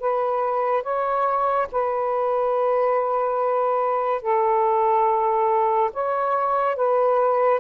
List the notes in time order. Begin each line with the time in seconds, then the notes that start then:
0.00 B4
0.83 C#5
1.72 B4
4.22 A4
5.93 C#5
6.76 B4